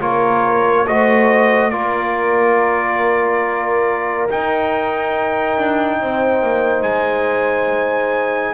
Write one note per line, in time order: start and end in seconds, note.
0.00 0.87 A#3
0.00 0.86 F4
0.00 0.86 A#4
0.00 0.87 C#5
0.86 1.72 A3
0.86 1.72 F#4
0.86 1.72 C5
0.86 1.70 D#5
1.70 4.29 A#3
1.70 4.29 F4
1.70 6.00 A#4
1.70 4.27 D5
4.30 5.57 D#4
4.30 8.54 D#4
4.30 6.83 G5
5.57 6.00 D4
6.01 6.42 C4
6.01 8.54 C5
6.42 6.82 A#3
6.82 8.54 G#3
6.82 8.54 G#5